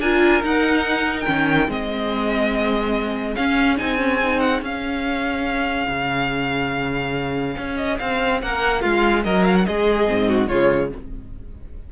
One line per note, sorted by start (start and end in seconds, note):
0.00 0.42 D4
0.00 0.43 F4
0.00 1.68 A#4
0.00 0.43 G#5
0.43 1.27 D#4
0.43 1.26 D#4
0.43 1.19 F#5
1.20 1.68 C#4
1.20 1.71 G5
1.28 1.68 D#3
1.68 3.36 G#3
1.68 3.37 C4
1.68 8.40 G#4
1.68 3.36 D#5
3.36 3.77 C#4
3.36 3.80 C#4
3.36 3.78 F5
3.77 4.62 C4
3.77 3.98 D#4
3.77 4.40 G#5
3.99 4.20 C#4
4.23 4.64 D#4
4.40 4.61 F#5
4.62 5.88 C#4
4.62 10.07 C#4
4.62 7.77 F5
5.89 7.57 C#3
7.58 8.00 C#4
7.77 7.98 D#5
7.99 8.43 C4
7.99 8.41 F5
8.42 8.84 A#3
8.42 8.82 A#4
8.42 8.82 F#5
8.82 9.25 G#3
8.82 9.24 F4
8.82 9.24 F5
9.25 9.67 F#3
9.25 9.67 A#4
9.25 9.45 D#5
9.45 9.56 F5
9.56 9.66 F#5
9.66 10.10 G#3
9.66 10.29 G#4
9.66 10.48 D#5
10.07 10.51 G#2
10.07 10.49 C4
10.29 10.49 F#4
10.48 10.93 C#3
10.48 10.93 G#3
10.48 10.91 F4
10.48 10.90 C#5